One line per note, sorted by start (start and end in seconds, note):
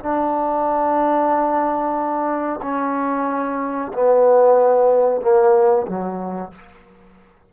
0.00 2.61 D4
2.62 3.93 C#4
3.94 5.21 B3
5.21 5.87 A#3
5.87 6.52 F#3